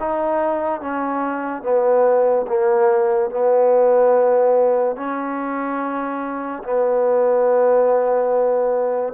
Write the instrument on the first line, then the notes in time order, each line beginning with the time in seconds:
trombone
0.00 D#4
0.81 C#4
1.63 B3
2.48 A#3
3.31 B3
4.97 C#4
6.64 B3